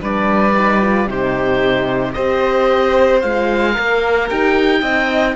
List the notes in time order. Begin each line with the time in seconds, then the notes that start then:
0.00 G3 D4 B4 D5
0.55 D#4
0.82 F4
1.07 C3 D#4 G4 C5
2.13 C4 G4 C5 D#5
3.21 G#3 F4 F5
3.72 A#4
3.78 A#3
4.29 D#4 G4 G5
4.81 C4 D#4 D#5